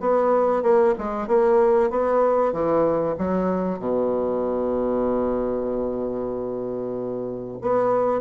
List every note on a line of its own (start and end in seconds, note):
0.00 0.62 B3
0.62 0.94 A#3
0.98 1.27 G#3
1.27 1.90 A#3
1.90 2.52 B3
2.52 3.15 E3
3.18 3.79 F#3
3.79 7.58 B2
7.61 8.20 B3